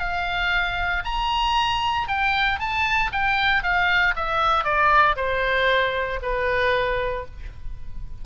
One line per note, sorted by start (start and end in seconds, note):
0.00 1.03 F5
1.05 2.08 A#5
2.08 2.60 G5
2.60 3.12 A5
3.13 3.63 G5
3.63 4.15 F5
4.16 4.65 E5
4.65 5.16 D5
5.17 6.20 C5
6.23 7.26 B4